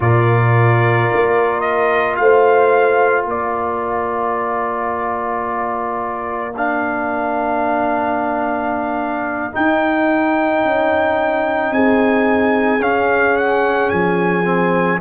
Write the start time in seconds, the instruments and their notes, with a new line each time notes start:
0.00 tuba A#2, trombone F4, horn A#4, trumpet D5
1.13 tuba A#3
1.60 trumpet D#5
2.16 tuba A3, horn C5, trumpet F5
3.25 tuba A#3, horn A#4, trumpet D5
6.56 trombone D4, trumpet F5
9.52 trombone D#4, tuba D#4, trumpet G5
10.64 tuba C#4
11.71 tuba C4, horn G#4, trumpet G#5
12.80 tuba C#4, trombone C#4, trumpet F5
13.36 trumpet F#5
13.89 tuba F3, trumpet G#5
14.43 trombone C4